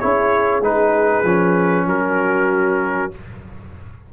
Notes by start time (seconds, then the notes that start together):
0.00 C#4 E4 G#4 C#5
0.62 G#3 D#4 B4
1.25 F3 C#4
1.87 F#3 F#4 A#4